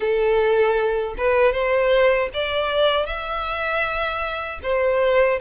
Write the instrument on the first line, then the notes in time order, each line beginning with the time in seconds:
violin
0.00 A4
1.17 B4
1.52 C5
2.33 D5
3.06 E5
4.62 C5